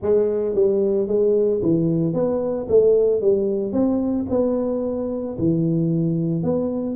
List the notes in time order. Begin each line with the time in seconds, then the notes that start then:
0.01 G#3
0.54 G3
1.07 G#3
1.62 E3
2.13 B3
2.69 A3
3.21 G3
3.72 C4
4.29 B3
5.38 E3
6.43 B3